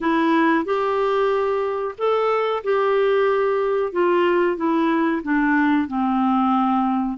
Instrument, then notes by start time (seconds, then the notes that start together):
clarinet
0.00 E4
0.64 G4
1.98 A4
2.63 G4
3.92 F4
4.57 E4
5.23 D4
5.87 C4